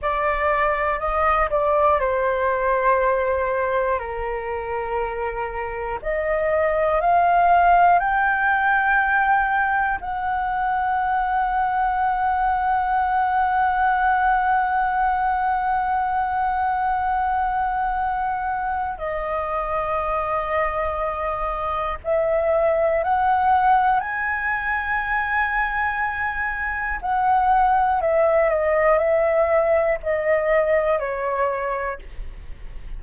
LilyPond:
\new Staff \with { instrumentName = "flute" } { \time 4/4 \tempo 4 = 60 d''4 dis''8 d''8 c''2 | ais'2 dis''4 f''4 | g''2 fis''2~ | fis''1~ |
fis''2. dis''4~ | dis''2 e''4 fis''4 | gis''2. fis''4 | e''8 dis''8 e''4 dis''4 cis''4 | }